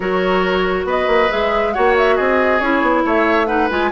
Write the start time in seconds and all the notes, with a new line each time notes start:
0.00 F#3 F#4 A#4 C#5
0.84 B3 B4 D#5
1.07 A#3
1.30 G#3 G#4 E5
1.72 A#3 F#4 C#5 F#5
1.97 E5
2.15 C4 G#4 D#5
2.60 C#4 E4 C#5
2.82 B3
3.04 A3 C#5 E5
3.46 D#4 B4 F#5
3.69 G#3 F4 G#5